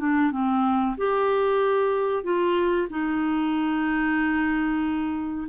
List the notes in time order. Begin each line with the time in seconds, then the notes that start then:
0.00 D4
0.32 C4
0.98 G4
2.24 F4
2.90 D#4